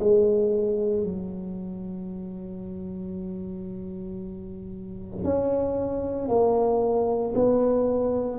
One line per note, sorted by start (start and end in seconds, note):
0.00 1.04 G#3
1.04 5.25 F#3
5.25 6.29 C#4
6.29 7.34 A#3
7.35 8.39 B3